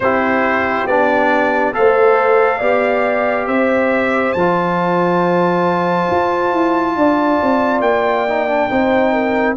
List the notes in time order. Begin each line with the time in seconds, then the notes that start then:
0.00 C4 E4 G4 C5
0.86 B3 D4 D5
1.73 A3 A4 C5 F5
2.58 B3 G4 D5
3.47 C4 C5 E5
4.32 F3 A5
4.38 F4
6.10 F4
6.53 E4
6.95 D4 D5
7.42 C4
7.80 A#3 G5
8.28 D#4
8.47 D4
8.69 C4 D#4 C5
9.13 A#4